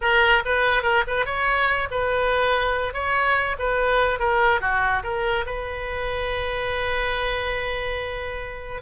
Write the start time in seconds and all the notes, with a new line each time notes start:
0.01 A#4
0.45 B4
0.82 A#4
1.07 B4
1.25 C#5
1.91 B4
2.93 C#5
3.59 B4
4.19 A#4
4.60 F#4
5.03 A#4
5.45 B4